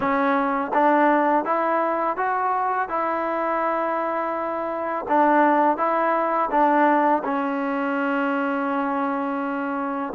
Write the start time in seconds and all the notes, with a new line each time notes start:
0.00 C#4
0.73 D4
1.45 E4
2.16 F#4
2.88 E4
5.08 D4
5.77 E4
6.50 D4
7.24 C#4